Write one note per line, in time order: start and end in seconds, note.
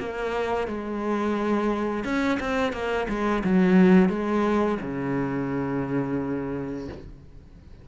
0.00 0.68 A#3
0.68 2.05 G#3
2.05 2.39 C#4
2.40 2.73 C4
2.73 3.08 A#3
3.09 3.43 G#3
3.45 4.09 F#3
4.09 4.78 G#3
4.82 6.89 C#3